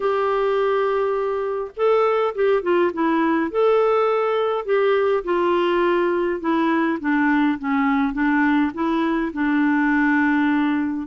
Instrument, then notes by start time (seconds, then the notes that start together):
clarinet
0.00 G4
1.76 A4
2.35 G4
2.62 F4
2.93 E4
3.50 A4
4.65 G4
5.23 F4
6.40 E4
7.00 D4
7.58 C#4
8.13 D4
8.74 E4
9.33 D4